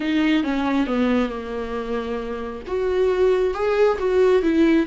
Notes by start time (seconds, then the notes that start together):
0.00 D#4
0.43 C#4
0.87 B3
1.29 A#3
2.67 F#4
3.54 G#4
3.98 F#4
4.42 E4